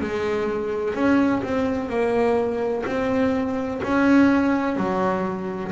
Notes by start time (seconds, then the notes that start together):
0.00 G#3
0.94 C#4
1.42 C4
1.89 A#3
2.86 C4
3.83 C#4
4.76 F#3